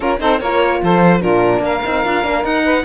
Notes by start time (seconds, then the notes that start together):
0.00 C#4 F4 A#4
0.19 C4 D#4 A4 C5
0.40 A#3 F4 A#4 C#5
0.82 F3 A4 C5
1.20 A#2 D4 F4 A#4
1.59 A#3 A#4 F5
1.84 C4 D#4
2.04 D4 F4
2.23 A#3 D4
2.42 D#4 F#5
2.63 B4